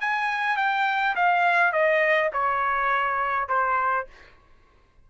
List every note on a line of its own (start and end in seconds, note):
0.00 0.57 G#5
0.57 1.15 G5
1.15 1.72 F5
1.72 2.30 D#5
2.32 3.48 C#5
3.48 4.06 C5